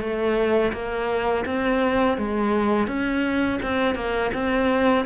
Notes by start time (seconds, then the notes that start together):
0.00 A3
0.73 A#3
1.46 C4
2.18 G#3
2.88 C#4
3.62 C4
3.95 A#3
4.34 C4